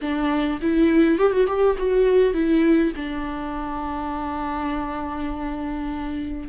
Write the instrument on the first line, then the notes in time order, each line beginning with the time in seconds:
viola
0.01 D4
0.61 E4
1.18 G4
1.32 F#4
1.47 G4
1.78 F#4
2.33 E4
2.95 D4